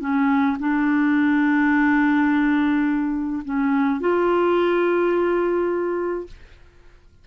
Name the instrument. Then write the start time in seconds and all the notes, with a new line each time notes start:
clarinet
0.00 C#4
0.59 D4
3.44 C#4
4.00 F4